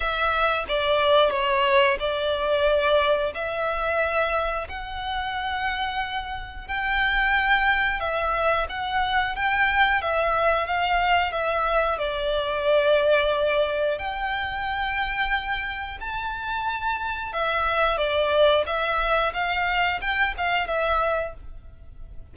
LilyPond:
\new Staff \with { instrumentName = "violin" } { \time 4/4 \tempo 4 = 90 e''4 d''4 cis''4 d''4~ | d''4 e''2 fis''4~ | fis''2 g''2 | e''4 fis''4 g''4 e''4 |
f''4 e''4 d''2~ | d''4 g''2. | a''2 e''4 d''4 | e''4 f''4 g''8 f''8 e''4 | }